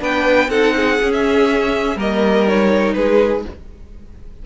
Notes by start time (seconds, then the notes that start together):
0.00 B3 D4 B4 G5
0.50 C4 D#4 A4 F#5
0.77 G#4
1.01 C#4
1.13 E5
1.96 G3 A#3 A#4 D#5
2.48 D#4 C#5
2.94 G#3 G#4 B4